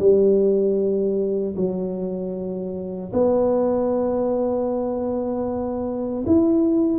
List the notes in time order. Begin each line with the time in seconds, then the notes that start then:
0.00 G3
1.57 F#3
3.13 B3
6.27 E4